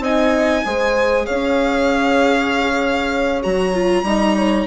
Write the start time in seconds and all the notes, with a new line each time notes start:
0.00 C4 D#4 D#5 G#5
0.65 G#3 G#4 C5
1.26 C#4 C#5 F5
3.43 F#3 F#4 A#5
3.74 F4
4.04 G3 D#4 D#5
4.37 C#5